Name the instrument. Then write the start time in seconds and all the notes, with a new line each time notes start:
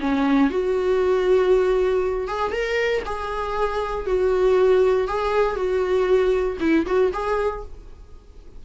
viola
0.00 C#4
0.50 F#4
2.28 G#4
2.51 A#4
3.05 G#4
4.06 F#4
5.08 G#4
5.56 F#4
6.60 E4
6.86 F#4
7.13 G#4